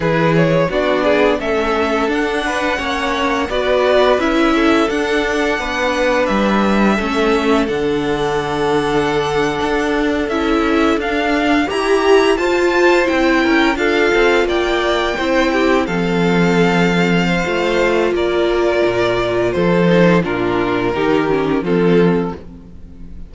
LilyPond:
<<
  \new Staff \with { instrumentName = "violin" } { \time 4/4 \tempo 4 = 86 b'8 cis''8 d''4 e''4 fis''4~ | fis''4 d''4 e''4 fis''4~ | fis''4 e''2 fis''4~ | fis''2~ fis''8. e''4 f''16~ |
f''8. ais''4 a''4 g''4 f''16~ | f''8. g''2 f''4~ f''16~ | f''2 d''2 | c''4 ais'2 a'4 | }
  \new Staff \with { instrumentName = "violin" } { \time 4/4 gis'4 fis'8 gis'8 a'4. b'8 | cis''4 b'4. a'4. | b'2 a'2~ | a'1~ |
a'8. g'4 c''4. ais'8 a'16~ | a'8. d''4 c''8 g'8 a'4~ a'16~ | a'8. c''4~ c''16 ais'2 | a'4 f'4 g'4 f'4 | }
  \new Staff \with { instrumentName = "viola" } { \time 4/4 e'4 d'4 cis'4 d'4 | cis'4 fis'4 e'4 d'4~ | d'2 cis'4 d'4~ | d'2~ d'8. e'4 d'16~ |
d'8. g'4 f'4 e'4 f'16~ | f'4.~ f'16 e'4 c'4~ c'16~ | c'4 f'2.~ | f'8 dis'8 d'4 dis'8 cis'8 c'4 | }
  \new Staff \with { instrumentName = "cello" } { \time 4/4 e4 b4 a4 d'4 | ais4 b4 cis'4 d'4 | b4 g4 a4 d4~ | d4.~ d16 d'4 cis'4 d'16~ |
d'8. e'4 f'4 c'8 cis'8 d'16~ | d'16 c'8 ais4 c'4 f4~ f16~ | f4 a4 ais4 ais,4 | f4 ais,4 dis4 f4 | }
>>